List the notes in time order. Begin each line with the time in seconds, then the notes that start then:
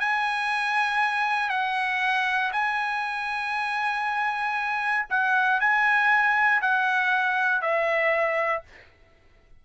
0.00 G#5
1.50 F#5
2.52 G#5
5.10 F#5
5.60 G#5
6.61 F#5
7.62 E5